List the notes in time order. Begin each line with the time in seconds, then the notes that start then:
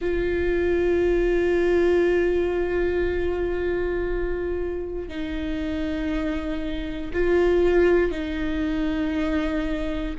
0.00 F4
5.08 D#4
7.13 F4
8.11 D#4